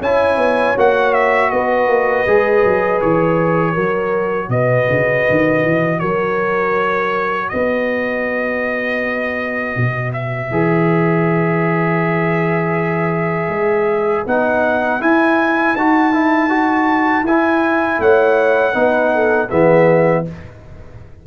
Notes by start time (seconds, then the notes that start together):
0.00 C#4 E4 C#5 G#5
0.37 B3
0.76 A#3 F#4 F#5
1.13 E5
1.50 B3 B4 D#5
1.87 A#3
2.26 G#3 G#4
2.63 F#3
3.01 E3 C#5
3.73 F#3 F#4 A#4
4.48 B2 B4 D#5
4.89 C#3
5.30 D#3
5.64 E3
5.99 F#3 A#4 C#5
7.48 B3 B4 D#5
9.76 B2
10.13 E5
10.50 E3 G#4
13.48 G#3
14.26 B3 D#4 F#5
15.00 E4 G#5
15.75 D#4 F#4 A5
16.12 E4
16.49 F#4
17.23 E4 G#5
17.99 A3 C#5 F#5
18.73 B3 D#4 B4
19.14 A4
19.49 E3 B3 G#4 E5